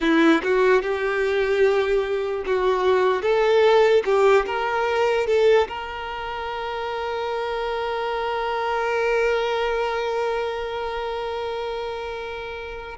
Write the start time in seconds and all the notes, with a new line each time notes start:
0.00 E4
0.43 F#4
0.81 G4
2.45 F#4
3.22 A4
4.05 G4
4.46 A#4
5.27 A4
5.68 A#4